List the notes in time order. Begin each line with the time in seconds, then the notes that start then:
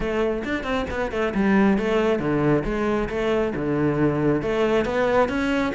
0.00 A3
0.44 D4
0.63 C4
0.90 B3
1.11 A3
1.34 G3
1.78 A3
2.19 D3
2.64 G#3
3.09 A3
3.55 D3
4.42 A3
4.85 B3
5.28 C#4